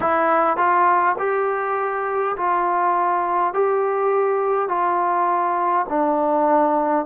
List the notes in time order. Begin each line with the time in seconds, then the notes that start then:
0.00 E4
0.56 F4
1.18 G4
2.36 F4
3.53 G4
4.68 F4
5.89 D4